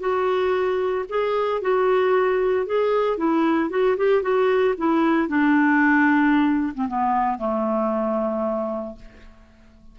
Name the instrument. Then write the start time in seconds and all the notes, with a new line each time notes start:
clarinet
0.00 F#4
1.09 G#4
1.61 F#4
2.67 G#4
3.17 E4
3.70 F#4
3.97 G4
4.22 F#4
4.78 E4
5.28 D4
6.75 C4
6.88 B3
7.38 A3